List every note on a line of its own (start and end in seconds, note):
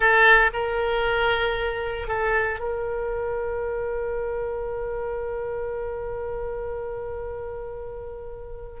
0.00 0.50 A4
0.53 2.07 A#4
2.07 2.59 A4
2.59 8.80 A#4